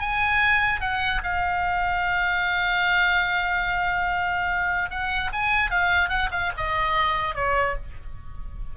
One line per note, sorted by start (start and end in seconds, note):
0.00 0.81 G#5
0.81 1.22 F#5
1.24 4.91 F5
4.91 5.31 F#5
5.33 5.71 G#5
5.71 6.09 F5
6.09 6.30 F#5
6.32 6.52 F5
6.57 7.35 D#5
7.35 7.76 C#5